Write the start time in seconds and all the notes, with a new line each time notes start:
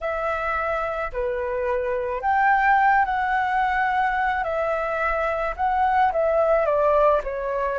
0.00 E5
1.12 B4
2.21 G5
3.05 F#5
4.43 E5
5.56 F#5
6.12 E5
6.65 D5
7.23 C#5